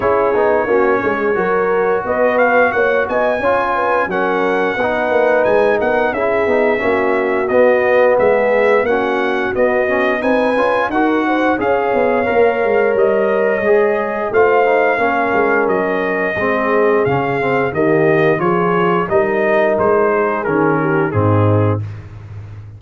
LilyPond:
<<
  \new Staff \with { instrumentName = "trumpet" } { \time 4/4 \tempo 4 = 88 cis''2. dis''8 f''8 | fis''8 gis''4. fis''2 | gis''8 fis''8 e''2 dis''4 | e''4 fis''4 dis''4 gis''4 |
fis''4 f''2 dis''4~ | dis''4 f''2 dis''4~ | dis''4 f''4 dis''4 cis''4 | dis''4 c''4 ais'4 gis'4 | }
  \new Staff \with { instrumentName = "horn" } { \time 4/4 gis'4 fis'8 gis'8 ais'4 b'4 | cis''8 dis''8 cis''8 b'8 ais'4 b'4~ | b'8 ais'8 gis'4 fis'2 | gis'4 fis'2 b'4 |
ais'8 c''8 cis''2.~ | cis''4 c''4 ais'2 | gis'2 g'4 gis'4 | ais'4. gis'4 g'8 dis'4 | }
  \new Staff \with { instrumentName = "trombone" } { \time 4/4 e'8 dis'8 cis'4 fis'2~ | fis'4 f'4 cis'4 dis'4~ | dis'4 e'8 dis'8 cis'4 b4~ | b4 cis'4 b8 cis'8 dis'8 f'8 |
fis'4 gis'4 ais'2 | gis'4 f'8 dis'8 cis'2 | c'4 cis'8 c'8 ais4 f'4 | dis'2 cis'4 c'4 | }
  \new Staff \with { instrumentName = "tuba" } { \time 4/4 cis'8 b8 ais8 gis8 fis4 b4 | ais8 b8 cis'4 fis4 b8 ais8 | gis8 b8 cis'8 b8 ais4 b4 | gis4 ais4 b4 c'8 cis'8 |
dis'4 cis'8 b8 ais8 gis8 g4 | gis4 a4 ais8 gis8 fis4 | gis4 cis4 dis4 f4 | g4 gis4 dis4 gis,4 | }
>>